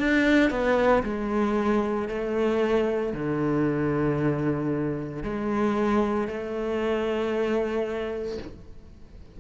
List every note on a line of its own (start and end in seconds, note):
0.00 0.51 D4
0.51 1.03 B3
1.03 2.09 G#3
2.09 3.13 A3
3.13 5.23 D3
5.23 6.28 G#3
6.28 8.39 A3